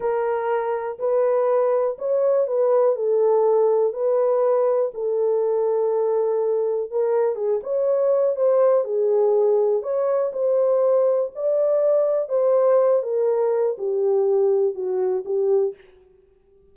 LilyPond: \new Staff \with { instrumentName = "horn" } { \time 4/4 \tempo 4 = 122 ais'2 b'2 | cis''4 b'4 a'2 | b'2 a'2~ | a'2 ais'4 gis'8 cis''8~ |
cis''4 c''4 gis'2 | cis''4 c''2 d''4~ | d''4 c''4. ais'4. | g'2 fis'4 g'4 | }